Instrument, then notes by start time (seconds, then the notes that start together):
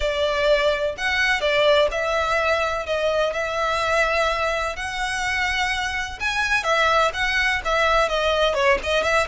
violin
0.00 D5
0.97 F#5
1.40 D5
1.91 E5
2.86 D#5
3.33 E5
4.76 F#5
6.20 G#5
6.63 E5
7.13 F#5
7.64 E5
8.08 D#5
8.54 C#5
8.83 D#5
9.03 E5